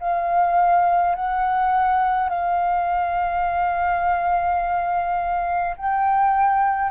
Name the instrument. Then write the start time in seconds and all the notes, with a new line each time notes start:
flute
0.00 F5
1.15 F#5
2.29 F5
5.77 G5